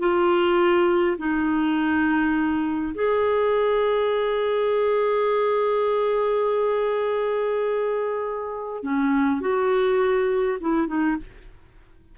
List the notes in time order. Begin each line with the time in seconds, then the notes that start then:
0.00 F4
1.18 D#4
2.95 G#4
8.83 C#4
9.41 F#4
10.61 E4
10.88 D#4